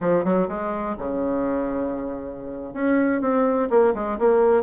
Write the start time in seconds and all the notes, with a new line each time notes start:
0.00 F3
0.24 F#3
0.48 G#3
0.98 C#3
2.73 C#4
3.21 C4
3.70 A#3
3.94 G#3
4.19 A#3